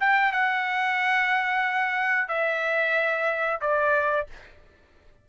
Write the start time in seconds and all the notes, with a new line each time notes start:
0.00 G5
0.32 F#5
2.28 E5
3.61 D5